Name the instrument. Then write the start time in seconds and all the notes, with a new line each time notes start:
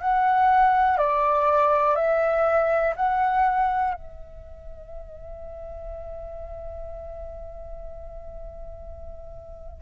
flute
0.00 F#5
0.97 D5
1.95 E5
2.96 F#5
3.94 E5